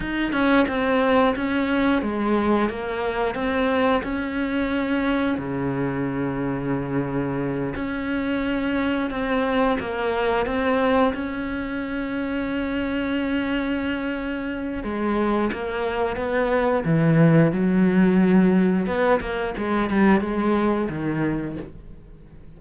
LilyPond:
\new Staff \with { instrumentName = "cello" } { \time 4/4 \tempo 4 = 89 dis'8 cis'8 c'4 cis'4 gis4 | ais4 c'4 cis'2 | cis2.~ cis8 cis'8~ | cis'4. c'4 ais4 c'8~ |
c'8 cis'2.~ cis'8~ | cis'2 gis4 ais4 | b4 e4 fis2 | b8 ais8 gis8 g8 gis4 dis4 | }